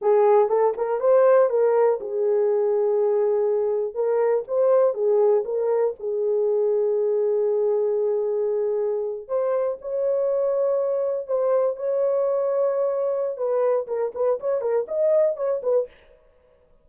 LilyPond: \new Staff \with { instrumentName = "horn" } { \time 4/4 \tempo 4 = 121 gis'4 a'8 ais'8 c''4 ais'4 | gis'1 | ais'4 c''4 gis'4 ais'4 | gis'1~ |
gis'2~ gis'8. c''4 cis''16~ | cis''2~ cis''8. c''4 cis''16~ | cis''2. b'4 | ais'8 b'8 cis''8 ais'8 dis''4 cis''8 b'8 | }